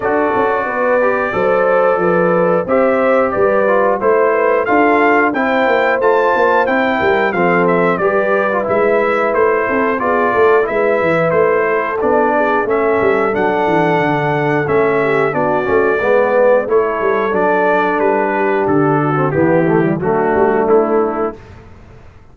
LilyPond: <<
  \new Staff \with { instrumentName = "trumpet" } { \time 4/4 \tempo 4 = 90 d''1 | e''4 d''4 c''4 f''4 | g''4 a''4 g''4 f''8 e''8 | d''4 e''4 c''4 d''4 |
e''4 c''4 d''4 e''4 | fis''2 e''4 d''4~ | d''4 cis''4 d''4 b'4 | a'4 g'4 fis'4 e'4 | }
  \new Staff \with { instrumentName = "horn" } { \time 4/4 a'4 b'4 c''4 b'4 | c''4 b'4 c''8 b'8 a'4 | c''2~ c''8 ais'8 a'4 | b'2~ b'8 a'8 gis'8 a'8 |
b'4. a'4 gis'8 a'4~ | a'2~ a'8 g'8 fis'4 | b'4 a'2~ a'8 g'8~ | g'8 fis'8 e'4 d'2 | }
  \new Staff \with { instrumentName = "trombone" } { \time 4/4 fis'4. g'8 a'2 | g'4. f'8 e'4 f'4 | e'4 f'4 e'4 c'4 | g'8. f'16 e'2 f'4 |
e'2 d'4 cis'4 | d'2 cis'4 d'8 cis'8 | b4 e'4 d'2~ | d'8. c'16 b8 a16 g16 a2 | }
  \new Staff \with { instrumentName = "tuba" } { \time 4/4 d'8 cis'8 b4 fis4 f4 | c'4 g4 a4 d'4 | c'8 ais8 a8 ais8 c'8 g8 f4 | g4 gis4 a8 c'8 b8 a8 |
gis8 e8 a4 b4 a8 g8 | fis8 e8 d4 a4 b8 a8 | gis4 a8 g8 fis4 g4 | d4 e4 fis8 g8 a4 | }
>>